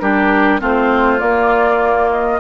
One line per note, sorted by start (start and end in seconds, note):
0.00 0.61 G3
0.00 0.60 D4
0.00 0.61 G4
0.00 0.60 A#4
0.60 1.21 A3
0.60 1.18 C4
0.60 2.40 F4
0.60 1.20 C5
1.18 2.38 A#3
1.18 2.40 A#3
1.18 2.10 D5
2.11 2.40 D#5